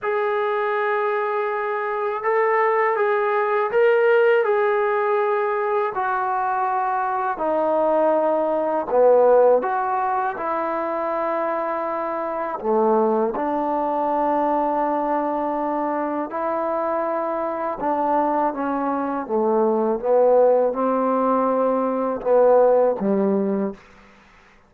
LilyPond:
\new Staff \with { instrumentName = "trombone" } { \time 4/4 \tempo 4 = 81 gis'2. a'4 | gis'4 ais'4 gis'2 | fis'2 dis'2 | b4 fis'4 e'2~ |
e'4 a4 d'2~ | d'2 e'2 | d'4 cis'4 a4 b4 | c'2 b4 g4 | }